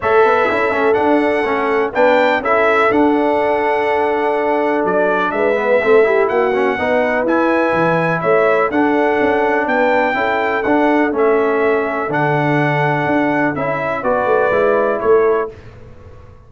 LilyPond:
<<
  \new Staff \with { instrumentName = "trumpet" } { \time 4/4 \tempo 4 = 124 e''2 fis''2 | g''4 e''4 fis''2~ | fis''2 d''4 e''4~ | e''4 fis''2 gis''4~ |
gis''4 e''4 fis''2 | g''2 fis''4 e''4~ | e''4 fis''2. | e''4 d''2 cis''4 | }
  \new Staff \with { instrumentName = "horn" } { \time 4/4 cis''8 b'8 a'2. | b'4 a'2.~ | a'2. b'4 | a'8 g'8 fis'4 b'2~ |
b'4 cis''4 a'2 | b'4 a'2.~ | a'1~ | a'4 b'2 a'4 | }
  \new Staff \with { instrumentName = "trombone" } { \time 4/4 a'4 e'8 cis'8 d'4 cis'4 | d'4 e'4 d'2~ | d'2.~ d'8 b8 | c'8 e'4 cis'8 dis'4 e'4~ |
e'2 d'2~ | d'4 e'4 d'4 cis'4~ | cis'4 d'2. | e'4 fis'4 e'2 | }
  \new Staff \with { instrumentName = "tuba" } { \time 4/4 a8 b8 cis'8 a8 d'4 a4 | b4 cis'4 d'2~ | d'2 fis4 gis4 | a4 ais4 b4 e'4 |
e4 a4 d'4 cis'4 | b4 cis'4 d'4 a4~ | a4 d2 d'4 | cis'4 b8 a8 gis4 a4 | }
>>